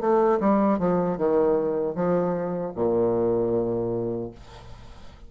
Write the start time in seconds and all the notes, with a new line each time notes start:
0.00 A3
0.40 G3
0.79 F3
1.18 D#3
1.95 F3
2.75 A#2